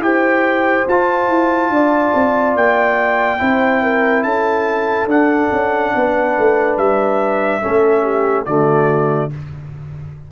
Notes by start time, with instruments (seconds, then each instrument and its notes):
0.00 tuba E4, trombone G4, horn C5, trumpet G5
0.88 tuba F4, trombone F4, trumpet A5
1.28 tuba E4
1.70 tuba D4, horn D5
2.14 tuba C4
2.55 tuba A#3, trumpet G5
3.39 tuba C4, trombone E4, horn C5
3.82 horn A#4
4.23 tuba C#4, horn A4, trumpet A5
5.06 tuba D4, trombone D4, trumpet F#5
5.52 tuba C#4
5.95 tuba B3, horn B4
6.38 tuba A3
6.77 tuba G3, trumpet E5
7.61 tuba A3, trombone C#4, horn A4
8.02 horn G4
8.45 tuba D3, trombone A3, horn F#4, trumpet D5